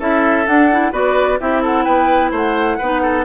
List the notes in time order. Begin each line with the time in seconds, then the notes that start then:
0.00 C#4 E4 A4 E5
0.47 D4 F#5
0.72 E4
0.92 B3 F#4 B4 D5
1.41 C4 E4 G4 E5
1.62 A4 F#5
1.85 B3 B4 G5
2.31 A3 C5 F#5
2.79 B3 D#4 B4
3.03 A4